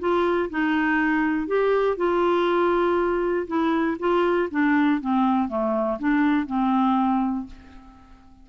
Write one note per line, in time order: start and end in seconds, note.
0.00 0.50 F4
0.50 1.47 D#4
1.47 1.97 G4
1.97 3.47 F4
3.48 3.98 E4
4.00 4.50 F4
4.51 5.01 D4
5.01 5.49 C4
5.49 5.99 A3
6.00 6.47 D4
6.47 7.47 C4